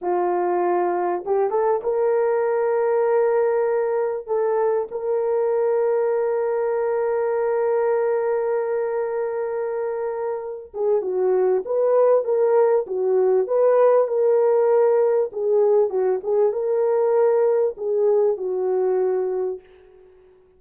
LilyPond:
\new Staff \with { instrumentName = "horn" } { \time 4/4 \tempo 4 = 98 f'2 g'8 a'8 ais'4~ | ais'2. a'4 | ais'1~ | ais'1~ |
ais'4. gis'8 fis'4 b'4 | ais'4 fis'4 b'4 ais'4~ | ais'4 gis'4 fis'8 gis'8 ais'4~ | ais'4 gis'4 fis'2 | }